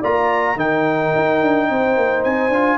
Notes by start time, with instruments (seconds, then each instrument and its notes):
0.00 tuba A#3, trombone F4, horn D5, trumpet A#5
0.56 tuba D#3, trombone D#4, horn A#4, trumpet G5
1.15 tuba D#4
1.42 tuba D4
1.70 tuba C4, horn C5
1.97 tuba A#3
2.24 tuba C4, trumpet G#5
2.49 tuba D4, trombone F4